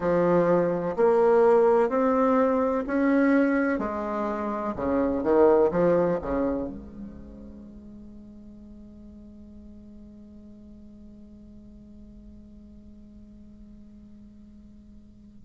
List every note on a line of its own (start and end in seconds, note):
0.00 0.95 F3
0.96 1.89 A#3
1.89 2.84 C4
2.86 3.78 C#4
3.78 4.74 G#3
4.76 5.23 C#3
5.23 5.70 D#3
5.71 6.18 F3
6.22 6.68 C#3
6.68 15.45 G#3